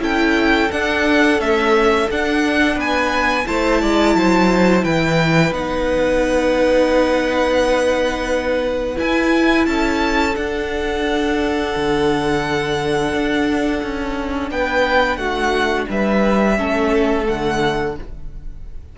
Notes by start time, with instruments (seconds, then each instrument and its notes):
0.00 cello C#4, viola E4, violin A4 G5
0.71 viola D4, cello D4, violin F#5
1.38 viola A3, cello C#4, violin E5
2.11 cello D4, viola D4, violin F#5
2.75 cello B3, violin B4 G#5
3.45 cello A3, viola E4, violin C5 A5
3.82 cello G#3, violin D5
4.15 cello F#3, violin C5
4.84 cello E3, violin B4 G5
5.51 cello B3, viola D#4, violin F#5
8.96 viola E4, cello E4, violin G#5
9.66 cello C#4, violin A4 A5
10.33 viola D4, cello D4, violin F#5
11.76 cello D3
13.13 cello D4
13.83 cello C#4
14.51 cello B3, violin B4 G5
15.17 cello A3, violin F#4 F#5
15.89 cello G3, violin B4 E5
16.58 cello A3, viola C#4, violin A4
17.24 cello D3, viola A3, violin F#5